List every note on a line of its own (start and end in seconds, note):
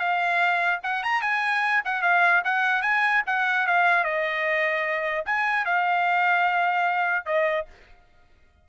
0.00 0.81 F5
0.83 1.03 F#5
1.03 1.22 A#5
1.22 1.82 G#5
1.85 2.02 F#5
2.02 2.43 F5
2.45 2.82 F#5
2.82 3.23 G#5
3.27 3.67 F#5
3.67 4.05 F5
4.05 5.25 D#5
5.26 5.65 G#5
5.65 7.26 F5
7.26 7.66 D#5